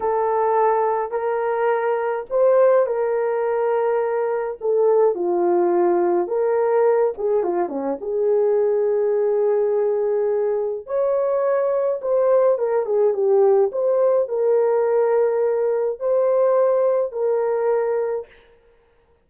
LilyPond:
\new Staff \with { instrumentName = "horn" } { \time 4/4 \tempo 4 = 105 a'2 ais'2 | c''4 ais'2. | a'4 f'2 ais'4~ | ais'8 gis'8 f'8 cis'8 gis'2~ |
gis'2. cis''4~ | cis''4 c''4 ais'8 gis'8 g'4 | c''4 ais'2. | c''2 ais'2 | }